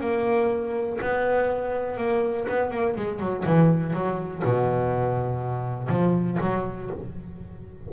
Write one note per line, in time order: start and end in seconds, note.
0.00 0.98 A#3
1.01 1.97 B3
1.97 2.46 A#3
2.49 2.70 B3
2.70 2.95 A#3
2.96 3.19 G#3
3.19 3.44 F#3
3.45 3.93 E3
3.93 4.42 F#3
4.44 5.88 B2
5.88 6.38 F3
6.41 6.90 F#3